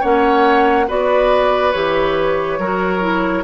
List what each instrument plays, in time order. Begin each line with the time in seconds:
0.00 bassoon A#3, clarinet C#4, oboe C#5, flute F#5
0.88 bassoon B3, clarinet F#4, oboe B4, flute D5
1.72 bassoon E3, clarinet G4, flute C#5
2.59 bassoon F#3, clarinet F#4, oboe A#4
3.00 clarinet E4